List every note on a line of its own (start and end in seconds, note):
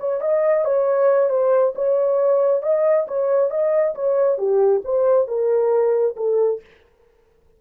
0.00 0.21 C#5
0.21 0.65 D#5
0.65 1.30 C#5
1.30 1.74 C5
1.76 2.63 C#5
2.63 3.07 D#5
3.08 3.51 C#5
3.51 3.95 D#5
3.95 4.38 C#5
4.38 4.82 G4
4.85 5.28 C5
5.28 6.16 A#4
6.17 6.61 A4